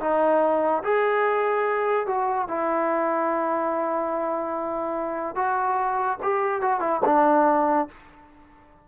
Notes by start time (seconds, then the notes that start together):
0.00 D#4
0.83 G#4
2.07 F#4
2.48 E4
5.35 F#4
6.22 G4
6.61 F#4
6.80 E4
7.05 D4